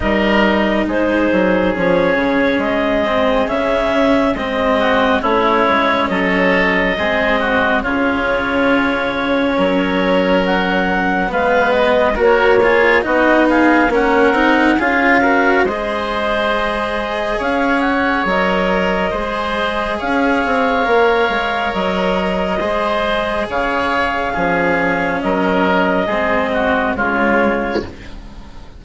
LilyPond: <<
  \new Staff \with { instrumentName = "clarinet" } { \time 4/4 \tempo 4 = 69 dis''4 c''4 cis''4 dis''4 | e''4 dis''4 cis''4 dis''4~ | dis''4 cis''2. | fis''4 f''8 dis''8 cis''4 dis''8 f''8 |
fis''4 f''4 dis''2 | f''8 fis''8 dis''2 f''4~ | f''4 dis''2 f''4~ | f''4 dis''2 cis''4 | }
  \new Staff \with { instrumentName = "oboe" } { \time 4/4 ais'4 gis'2.~ | gis'4. fis'8 e'4 a'4 | gis'8 fis'8 f'2 ais'4~ | ais'4 b'4 ais'8 gis'8 fis'8 gis'8 |
ais'4 gis'8 ais'8 c''2 | cis''2 c''4 cis''4~ | cis''2 c''4 cis''4 | gis'4 ais'4 gis'8 fis'8 f'4 | }
  \new Staff \with { instrumentName = "cello" } { \time 4/4 dis'2 cis'4. c'8 | cis'4 c'4 cis'2 | c'4 cis'2.~ | cis'4 b4 fis'8 f'8 dis'4 |
cis'8 dis'8 f'8 fis'8 gis'2~ | gis'4 ais'4 gis'2 | ais'2 gis'2 | cis'2 c'4 gis4 | }
  \new Staff \with { instrumentName = "bassoon" } { \time 4/4 g4 gis8 fis8 f8 cis8 gis4 | cis4 gis4 a8 gis8 fis4 | gis4 cis2 fis4~ | fis4 gis4 ais4 b4 |
ais8 c'8 cis'4 gis2 | cis'4 fis4 gis4 cis'8 c'8 | ais8 gis8 fis4 gis4 cis4 | f4 fis4 gis4 cis4 | }
>>